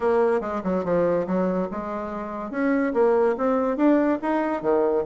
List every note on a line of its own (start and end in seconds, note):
0.00 0.41 A#3
0.41 0.62 G#3
0.63 0.84 F#3
0.84 1.26 F3
1.26 1.68 F#3
1.71 2.51 G#3
2.51 2.93 C#4
2.93 3.35 A#3
3.37 3.76 C4
3.76 4.18 D4
4.22 4.62 D#4
4.62 5.03 D#3